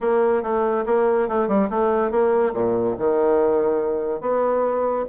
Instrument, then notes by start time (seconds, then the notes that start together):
bassoon
0.00 A#3
0.42 A3
0.86 A#3
1.28 A3
1.48 G3
1.69 A3
2.11 A#3
2.53 A#2
2.98 D#3
4.20 B3